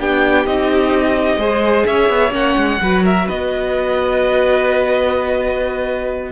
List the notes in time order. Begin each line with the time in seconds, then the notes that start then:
0.00 B3 D4 G4 G5
0.46 C4 D#4 D#5
1.37 G#3 G#4 C5
1.86 C#4 C#5 E5
2.09 B3
2.31 A#3 C#4 F#5
2.57 G#3
2.81 F#3 F#4 B4
3.04 A#4 E5
3.27 B3 B4 D#5